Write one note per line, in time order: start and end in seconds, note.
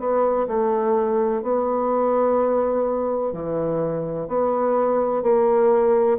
0.00 0.48 B3
0.48 1.43 A3
1.43 3.33 B3
3.33 4.28 E3
4.28 5.23 B3
5.23 6.18 A#3